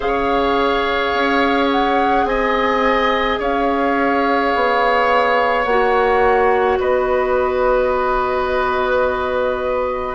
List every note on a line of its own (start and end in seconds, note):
0.00 1.13 C#3
0.00 5.65 G#4
0.00 2.25 C#5
0.00 1.69 F5
1.13 2.25 C#4
1.71 2.25 F#5
2.25 3.38 C4
2.25 3.39 D#5
2.25 3.39 G#5
3.39 4.53 C#4
3.39 6.79 C#5
3.39 5.64 F5
4.55 5.65 B3
5.64 6.78 A#3
5.64 10.15 F#4
5.64 6.77 F#5
6.79 10.15 B3
6.79 10.15 B4
6.79 10.15 D#5